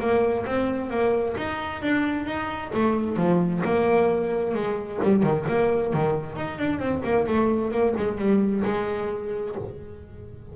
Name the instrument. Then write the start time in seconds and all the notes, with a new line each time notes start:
double bass
0.00 A#3
0.46 C4
0.90 A#3
1.37 D#4
1.82 D4
2.26 D#4
2.74 A3
3.17 F3
3.64 A#3
4.55 G#3
5.04 G3
5.23 D#3
5.49 A#3
5.93 D#3
6.36 D#4
6.58 D4
6.80 C4
7.04 A#3
7.27 A3
7.71 A#3
7.97 G#3
8.18 G3
8.64 G#3